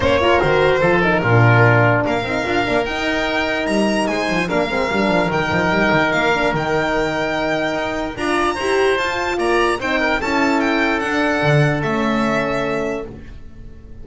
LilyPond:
<<
  \new Staff \with { instrumentName = "violin" } { \time 4/4 \tempo 4 = 147 cis''4 c''4. ais'4.~ | ais'4 f''2 g''4~ | g''4 ais''4 gis''4 f''4~ | f''4 g''2 f''4 |
g''1 | ais''2 a''4 ais''4 | g''4 a''4 g''4 fis''4~ | fis''4 e''2. | }
  \new Staff \with { instrumentName = "oboe" } { \time 4/4 c''8 ais'4. a'4 f'4~ | f'4 ais'2.~ | ais'2 c''4 ais'4~ | ais'1~ |
ais'1 | d''4 c''2 d''4 | c''8 ais'8 a'2.~ | a'1 | }
  \new Staff \with { instrumentName = "horn" } { \time 4/4 cis'8 f'8 fis'4 f'8 dis'8 d'4~ | d'4. dis'8 f'8 d'8 dis'4~ | dis'2. d'8 c'8 | d'4 dis'2~ dis'8 d'8 |
dis'1 | f'4 g'4 f'2 | dis'4 e'2 d'4~ | d'4 cis'2. | }
  \new Staff \with { instrumentName = "double bass" } { \time 4/4 ais4 dis4 f4 ais,4~ | ais,4 ais8 c'8 d'8 ais8 dis'4~ | dis'4 g4 gis8 f8 ais8 gis8 | g8 f8 dis8 f8 g8 dis8 ais4 |
dis2. dis'4 | d'4 e'4 f'4 ais4 | c'4 cis'2 d'4 | d4 a2. | }
>>